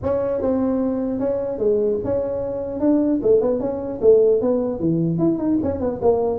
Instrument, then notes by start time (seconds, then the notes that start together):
tuba
0.03 C#4
0.41 C4
1.19 C#4
1.58 G#3
2.04 C#4
2.80 D4
3.22 A3
3.41 B3
3.59 C#4
4.01 A3
4.41 B3
4.79 E3
5.18 E4
5.38 D#4
5.63 C#4
5.80 B3
6.01 A#3